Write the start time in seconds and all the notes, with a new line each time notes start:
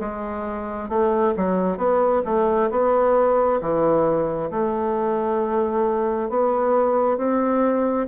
0.00 G#3
0.89 A3
1.37 F#3
1.77 B3
2.25 A3
2.71 B3
3.61 E3
4.51 A3
6.29 B3
7.18 C4